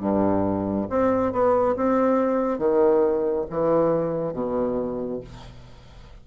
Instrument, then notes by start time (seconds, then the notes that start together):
bassoon
0.00 G2
0.89 C4
1.32 B3
1.76 C4
2.58 D#3
3.50 E3
4.33 B2